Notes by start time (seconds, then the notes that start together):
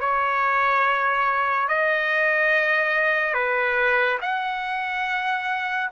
0.00 C#5
1.68 D#5
3.34 B4
4.21 F#5